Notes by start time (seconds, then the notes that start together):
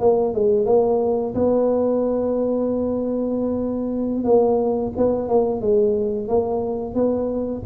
0.00 A#3
0.34 G#3
0.65 A#3
1.35 B3
4.24 A#3
4.96 B3
5.28 A#3
5.61 G#3
6.28 A#3
6.95 B3